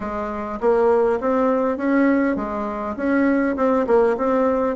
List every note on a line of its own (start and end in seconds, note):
0.00 0.59 G#3
0.60 1.19 A#3
1.20 1.77 C4
1.77 2.36 C#4
2.36 2.95 G#3
2.96 3.56 C#4
3.56 3.86 C4
3.86 4.16 A#3
4.17 4.76 C4